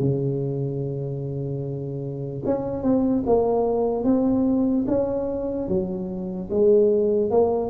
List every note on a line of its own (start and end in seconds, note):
0.00 2.43 C#3
2.46 2.83 C#4
2.83 3.24 C4
3.27 4.04 A#3
4.04 4.85 C4
4.88 5.69 C#4
5.69 6.50 F#3
6.50 7.31 G#3
7.31 7.71 A#3